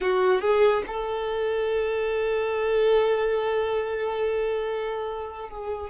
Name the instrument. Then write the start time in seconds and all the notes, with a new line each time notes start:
violin
0.00 F#4
0.41 G#4
0.86 A4
5.49 G#4